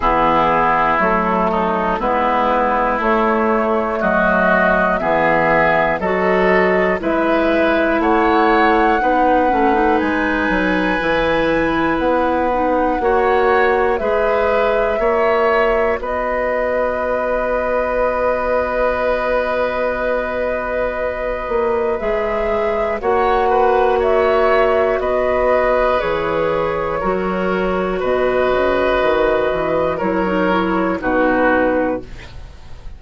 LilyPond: <<
  \new Staff \with { instrumentName = "flute" } { \time 4/4 \tempo 4 = 60 gis'4 a'4 b'4 cis''4 | dis''4 e''4 dis''4 e''4 | fis''2 gis''2 | fis''2 e''2 |
dis''1~ | dis''2 e''4 fis''4 | e''4 dis''4 cis''2 | dis''2 cis''4 b'4 | }
  \new Staff \with { instrumentName = "oboe" } { \time 4/4 e'4. dis'8 e'2 | fis'4 gis'4 a'4 b'4 | cis''4 b'2.~ | b'4 cis''4 b'4 cis''4 |
b'1~ | b'2. cis''8 b'8 | cis''4 b'2 ais'4 | b'2 ais'4 fis'4 | }
  \new Staff \with { instrumentName = "clarinet" } { \time 4/4 b4 a4 b4 a4~ | a4 b4 fis'4 e'4~ | e'4 dis'8 cis'16 dis'4~ dis'16 e'4~ | e'8 dis'8 fis'4 gis'4 fis'4~ |
fis'1~ | fis'2 gis'4 fis'4~ | fis'2 gis'4 fis'4~ | fis'2 e'16 dis'16 e'8 dis'4 | }
  \new Staff \with { instrumentName = "bassoon" } { \time 4/4 e4 fis4 gis4 a4 | fis4 e4 fis4 gis4 | a4 b8 a8 gis8 fis8 e4 | b4 ais4 gis4 ais4 |
b1~ | b4. ais8 gis4 ais4~ | ais4 b4 e4 fis4 | b,8 cis8 dis8 e8 fis4 b,4 | }
>>